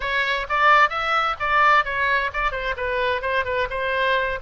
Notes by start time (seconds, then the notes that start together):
0.00 C#5
0.49 D5
0.89 E5
1.39 D5
1.84 C#5
2.33 D5
2.51 C5
2.76 B4
3.21 C5
3.44 B4
3.69 C5